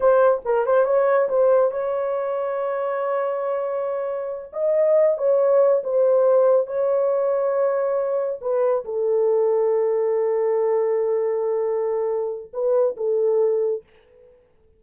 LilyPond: \new Staff \with { instrumentName = "horn" } { \time 4/4 \tempo 4 = 139 c''4 ais'8 c''8 cis''4 c''4 | cis''1~ | cis''2~ cis''8 dis''4. | cis''4. c''2 cis''8~ |
cis''2.~ cis''8 b'8~ | b'8 a'2.~ a'8~ | a'1~ | a'4 b'4 a'2 | }